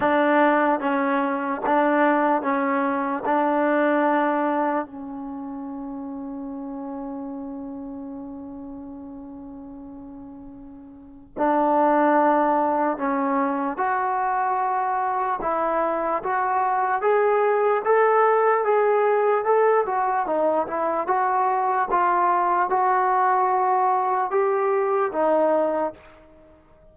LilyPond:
\new Staff \with { instrumentName = "trombone" } { \time 4/4 \tempo 4 = 74 d'4 cis'4 d'4 cis'4 | d'2 cis'2~ | cis'1~ | cis'2 d'2 |
cis'4 fis'2 e'4 | fis'4 gis'4 a'4 gis'4 | a'8 fis'8 dis'8 e'8 fis'4 f'4 | fis'2 g'4 dis'4 | }